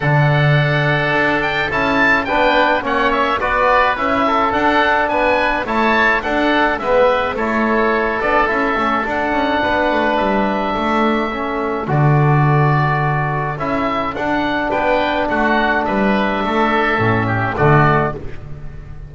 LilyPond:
<<
  \new Staff \with { instrumentName = "oboe" } { \time 4/4 \tempo 4 = 106 fis''2~ fis''8 g''8 a''4 | g''4 fis''8 e''8 d''4 e''4 | fis''4 gis''4 a''4 fis''4 | e''4 cis''4. d''8 e''4 |
fis''2 e''2~ | e''4 d''2. | e''4 fis''4 g''4 fis''4 | e''2. d''4 | }
  \new Staff \with { instrumentName = "oboe" } { \time 4/4 a'1 | b'4 cis''4 b'4. a'8~ | a'4 b'4 cis''4 a'4 | b'4 a'2.~ |
a'4 b'2 a'4~ | a'1~ | a'2 b'4 fis'4 | b'4 a'4. g'8 fis'4 | }
  \new Staff \with { instrumentName = "trombone" } { \time 4/4 d'2. e'4 | d'4 cis'4 fis'4 e'4 | d'2 e'4 d'4 | b4 e'4. d'8 e'8 cis'8 |
d'1 | cis'4 fis'2. | e'4 d'2.~ | d'2 cis'4 a4 | }
  \new Staff \with { instrumentName = "double bass" } { \time 4/4 d2 d'4 cis'4 | b4 ais4 b4 cis'4 | d'4 b4 a4 d'4 | gis4 a4. b8 cis'8 a8 |
d'8 cis'8 b8 a8 g4 a4~ | a4 d2. | cis'4 d'4 b4 a4 | g4 a4 a,4 d4 | }
>>